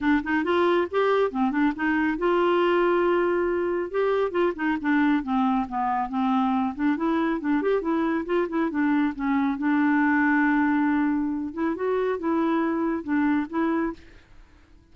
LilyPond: \new Staff \with { instrumentName = "clarinet" } { \time 4/4 \tempo 4 = 138 d'8 dis'8 f'4 g'4 c'8 d'8 | dis'4 f'2.~ | f'4 g'4 f'8 dis'8 d'4 | c'4 b4 c'4. d'8 |
e'4 d'8 g'8 e'4 f'8 e'8 | d'4 cis'4 d'2~ | d'2~ d'8 e'8 fis'4 | e'2 d'4 e'4 | }